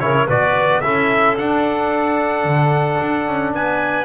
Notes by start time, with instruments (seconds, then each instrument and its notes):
0.00 double bass C#3, trombone E4, clarinet A#4, trumpet C#5
0.27 double bass B2, trombone F#4, clarinet B4, trumpet D5
0.55 double bass B3
0.81 double bass C#4, trombone E4, clarinet A4, trumpet E5
1.38 double bass D4, trombone D4, trumpet F#5
2.45 double bass D3
3.01 double bass D4
3.28 double bass C#4
3.54 double bass B3, clarinet B4, trumpet G#5